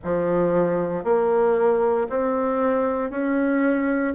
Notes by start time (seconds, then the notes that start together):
0.04 F3
1.03 A#3
2.09 C4
3.10 C#4